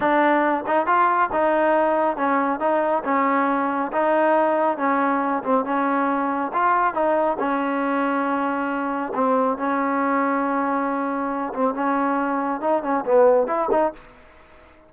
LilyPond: \new Staff \with { instrumentName = "trombone" } { \time 4/4 \tempo 4 = 138 d'4. dis'8 f'4 dis'4~ | dis'4 cis'4 dis'4 cis'4~ | cis'4 dis'2 cis'4~ | cis'8 c'8 cis'2 f'4 |
dis'4 cis'2.~ | cis'4 c'4 cis'2~ | cis'2~ cis'8 c'8 cis'4~ | cis'4 dis'8 cis'8 b4 e'8 dis'8 | }